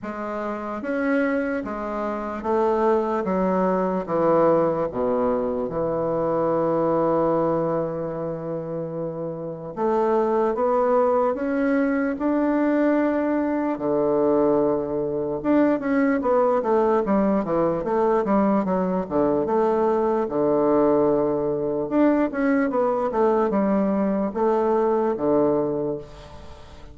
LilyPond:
\new Staff \with { instrumentName = "bassoon" } { \time 4/4 \tempo 4 = 74 gis4 cis'4 gis4 a4 | fis4 e4 b,4 e4~ | e1 | a4 b4 cis'4 d'4~ |
d'4 d2 d'8 cis'8 | b8 a8 g8 e8 a8 g8 fis8 d8 | a4 d2 d'8 cis'8 | b8 a8 g4 a4 d4 | }